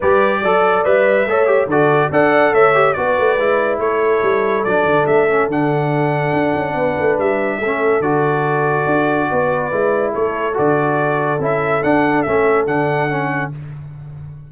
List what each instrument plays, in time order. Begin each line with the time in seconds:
0.00 tuba G3, trombone G4, horn B4, trumpet D5
0.43 tuba F#3, trombone A4, horn D5
0.84 tuba G3, trombone B4, trumpet E5
1.26 tuba A3, trombone A4, horn C#5
1.46 trombone G4
1.66 tuba D3, trombone F#4, horn A4, trumpet D5
2.10 tuba D4, trombone A4, horn D5, trumpet F#5
2.52 tuba A3, horn C#5, trumpet E5
2.74 trombone G4
2.93 tuba B3, trombone F#4, horn B4, trumpet D5
3.18 tuba A3
3.37 tuba G#3, trombone E4
3.78 tuba A3, horn A4, trumpet C#5
4.22 tuba G3
4.63 tuba F#3, trombone D4, trumpet D5
4.84 tuba D3
5.06 tuba A3, trumpet E5
5.29 trombone C#4
5.47 tuba D3, trombone D4, trumpet F#5
6.33 tuba D4
6.55 tuba C#4
6.74 tuba B3, horn B4
6.99 tuba A3
7.18 tuba G3, trumpet E5
7.59 tuba A3, trombone C#4, horn A4
8.00 tuba D3, trombone F#4, trumpet D5
8.85 tuba D4
9.30 tuba B3, horn B4
9.71 tuba G#3, trombone E4
10.13 tuba A3, horn A4, trumpet C#5
10.53 tuba D3, trombone F#4, trumpet D5
11.39 tuba C#4, trombone E4, trumpet E5
11.83 tuba D4, trombone D4, trumpet F#5
12.22 tuba A3, trombone C#4, trumpet E5
12.67 tuba D3, trombone D4, trumpet F#5
13.09 trombone C#4